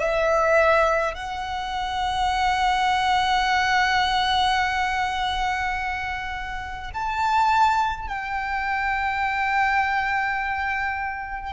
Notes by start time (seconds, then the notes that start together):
0.00 E5
1.14 F#5
6.94 A5
8.08 G5